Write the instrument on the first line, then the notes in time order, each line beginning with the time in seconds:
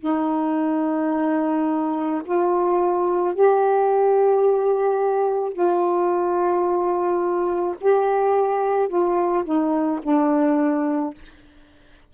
saxophone
0.00 D#4
2.26 F4
3.35 G4
5.54 F4
7.81 G4
8.88 F4
9.45 D#4
10.03 D4